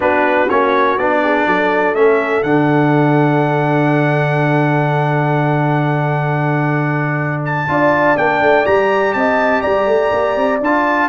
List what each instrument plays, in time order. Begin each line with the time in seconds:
0.00 tuba B3, trombone D4, horn F#4, trumpet B4
0.49 tuba A#3, trombone C#4, trumpet C#5
0.98 tuba B3, trombone D4, trumpet D5
1.23 horn G#4
1.46 tuba F#3, horn A4
1.93 tuba A3, trombone C#4, trumpet E5
2.42 tuba D3, trombone D4, trumpet F#5
7.45 trumpet A5
7.68 tuba D4, trombone F4, horn D5
8.17 tuba A#3, trombone D4, trumpet G5
8.41 tuba A3
8.65 tuba G3, trombone G4, trumpet A#5
9.13 tuba C4, horn D#5, trumpet A5
9.61 tuba G3, horn D5, trumpet A#5
9.86 tuba A3
10.11 tuba A#3
10.36 tuba C4
10.60 tuba D4, trombone F4, trumpet A5